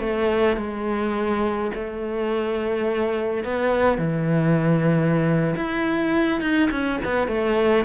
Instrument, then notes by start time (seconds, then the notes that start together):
cello
0.00 A3
0.57 G#3
1.75 A3
3.44 B3
3.98 E3
5.56 E4
6.41 D#4
6.71 C#4
7.04 B3
7.28 A3